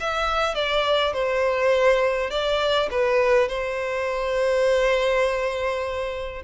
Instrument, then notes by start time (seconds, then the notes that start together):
violin
0.00 E5
0.55 D5
1.13 C5
2.30 D5
2.91 B4
3.48 C5